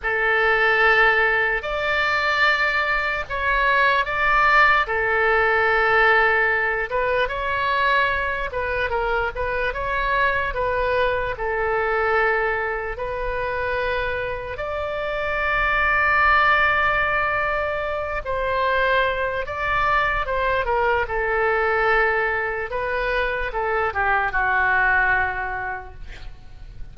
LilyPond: \new Staff \with { instrumentName = "oboe" } { \time 4/4 \tempo 4 = 74 a'2 d''2 | cis''4 d''4 a'2~ | a'8 b'8 cis''4. b'8 ais'8 b'8 | cis''4 b'4 a'2 |
b'2 d''2~ | d''2~ d''8 c''4. | d''4 c''8 ais'8 a'2 | b'4 a'8 g'8 fis'2 | }